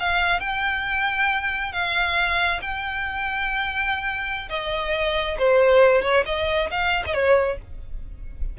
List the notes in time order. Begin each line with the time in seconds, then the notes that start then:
0.00 F5
0.41 G5
1.73 F5
2.62 G5
4.50 D#5
5.39 C5
6.02 C#5
6.26 D#5
6.71 F5
7.06 D#5
7.15 C#5